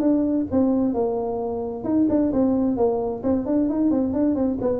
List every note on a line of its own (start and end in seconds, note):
0.00 0.46 D4
0.51 0.94 C4
0.94 1.84 A#3
1.84 2.07 D#4
2.09 2.32 D4
2.33 2.77 C4
2.77 3.22 A#3
3.23 3.46 C4
3.46 3.69 D4
3.69 3.91 D#4
3.91 4.13 C4
4.13 4.35 D4
4.35 4.58 C4
4.61 4.80 B3